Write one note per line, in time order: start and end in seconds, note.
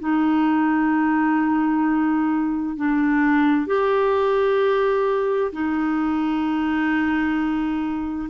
0.00 2.76 D#4
2.76 3.67 D4
3.67 5.51 G4
5.52 8.29 D#4